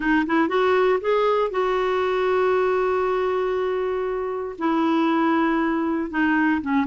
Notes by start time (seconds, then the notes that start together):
0.00 D#4
0.26 E4
0.48 F#4
1.00 G#4
1.50 F#4
4.58 E4
6.10 D#4
6.61 C#4